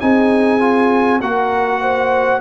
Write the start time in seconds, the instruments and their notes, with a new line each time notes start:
0.00 tuba C4, trombone D#4, horn G#4, trumpet G#5
0.60 trombone F4
1.20 tuba A#3, trombone F#4, horn A#4, trumpet F#5
1.81 horn C5